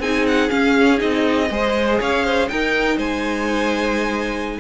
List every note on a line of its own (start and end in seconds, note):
0.00 0.50 C4
0.00 0.50 D#4
0.00 1.50 G#4
0.00 0.26 G#5
0.28 0.50 F#5
0.50 0.98 C#4
0.50 1.02 C#4
0.50 0.99 F5
0.98 1.50 C4
0.98 1.48 D#4
0.98 1.99 D#5
1.50 2.00 G#3
1.50 2.50 G#4
1.50 2.00 C5
2.00 2.51 C#4
2.00 2.25 C#5
2.00 2.49 F5
2.25 2.49 C5
2.49 4.60 D#4
2.49 2.97 D#4
2.49 2.97 A#4
2.49 2.98 G5
2.97 4.59 G#3
2.97 4.58 C5
2.97 4.60 G#5